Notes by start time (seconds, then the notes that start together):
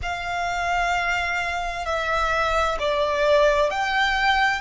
0.02 F5
1.85 E5
2.79 D5
3.70 G5